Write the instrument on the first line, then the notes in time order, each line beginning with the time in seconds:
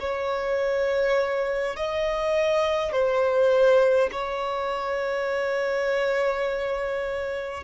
violin
0.00 C#5
1.76 D#5
2.93 C5
4.12 C#5